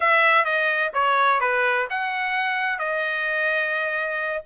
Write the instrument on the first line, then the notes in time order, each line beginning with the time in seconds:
trumpet
0.00 E5
0.44 D#5
0.93 C#5
1.40 B4
1.89 F#5
2.78 D#5